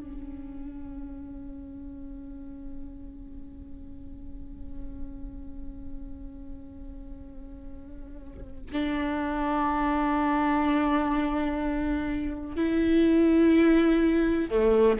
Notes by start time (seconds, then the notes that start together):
0.00 C#4
8.72 D4
12.56 E4
14.50 A3